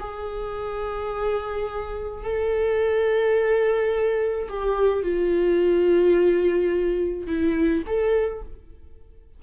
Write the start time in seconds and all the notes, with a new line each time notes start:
0.00 G#4
2.24 A4
4.49 G4
5.03 F4
7.27 E4
7.87 A4